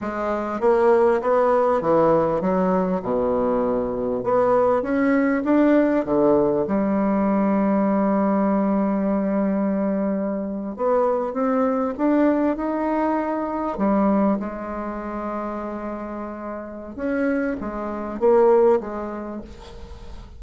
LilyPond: \new Staff \with { instrumentName = "bassoon" } { \time 4/4 \tempo 4 = 99 gis4 ais4 b4 e4 | fis4 b,2 b4 | cis'4 d'4 d4 g4~ | g1~ |
g4.~ g16 b4 c'4 d'16~ | d'8. dis'2 g4 gis16~ | gis1 | cis'4 gis4 ais4 gis4 | }